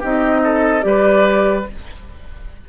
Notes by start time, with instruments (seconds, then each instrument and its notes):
0.00 bassoon C4, clarinet D#4, oboe G4, flute D#5
0.44 oboe A4
0.81 bassoon G3, clarinet G4, oboe B4, flute D5